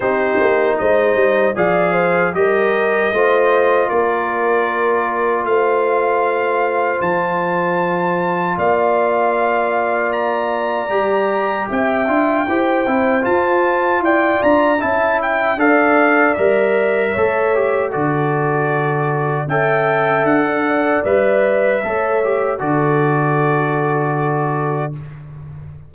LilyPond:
<<
  \new Staff \with { instrumentName = "trumpet" } { \time 4/4 \tempo 4 = 77 c''4 dis''4 f''4 dis''4~ | dis''4 d''2 f''4~ | f''4 a''2 f''4~ | f''4 ais''2 g''4~ |
g''4 a''4 g''8 ais''8 a''8 g''8 | f''4 e''2 d''4~ | d''4 g''4 fis''4 e''4~ | e''4 d''2. | }
  \new Staff \with { instrumentName = "horn" } { \time 4/4 g'4 c''4 d''8 c''8 ais'4 | c''4 ais'2 c''4~ | c''2. d''4~ | d''2. e''4 |
c''2 d''4 e''4 | d''2 cis''4 a'4~ | a'4 e''4~ e''16 d'16 d''4. | cis''4 a'2. | }
  \new Staff \with { instrumentName = "trombone" } { \time 4/4 dis'2 gis'4 g'4 | f'1~ | f'1~ | f'2 g'4. f'8 |
g'8 e'8 f'2 e'4 | a'4 ais'4 a'8 g'8 fis'4~ | fis'4 a'2 b'4 | a'8 g'8 fis'2. | }
  \new Staff \with { instrumentName = "tuba" } { \time 4/4 c'8 ais8 gis8 g8 f4 g4 | a4 ais2 a4~ | a4 f2 ais4~ | ais2 g4 c'8 d'8 |
e'8 c'8 f'4 e'8 d'8 cis'4 | d'4 g4 a4 d4~ | d4 cis'4 d'4 g4 | a4 d2. | }
>>